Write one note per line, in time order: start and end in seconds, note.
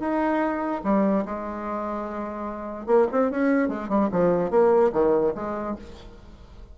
0.00 0.82 D#4
0.84 1.25 G3
1.26 2.87 G#3
2.87 3.07 A#3
3.12 3.31 C4
3.31 3.69 C#4
3.69 3.89 G#3
3.89 4.10 G3
4.12 4.51 F3
4.51 4.92 A#3
4.93 5.34 D#3
5.35 5.76 G#3